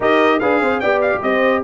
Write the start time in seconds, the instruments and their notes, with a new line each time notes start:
0.00 tuba D#4, trombone G4, horn A#4, trumpet D#5
0.39 tuba D4, trombone G#4, horn B4, trumpet F5
0.61 tuba C4, horn C5
0.80 tuba B3, trombone G4, horn D5, trumpet G5
1.01 trumpet F5
1.13 tuba G3
1.22 tuba C4, horn C5, trumpet D#5